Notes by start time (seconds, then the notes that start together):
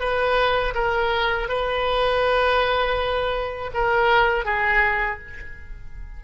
0.00 B4
0.75 A#4
1.49 B4
3.74 A#4
4.45 G#4